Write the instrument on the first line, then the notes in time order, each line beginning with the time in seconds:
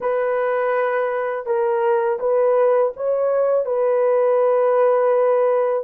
horn
0.00 B4
1.45 A#4
2.20 B4
2.96 C#5
3.65 B4